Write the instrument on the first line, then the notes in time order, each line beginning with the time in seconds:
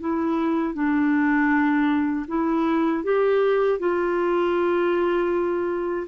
clarinet
0.00 E4
0.74 D4
2.28 E4
3.03 G4
3.79 F4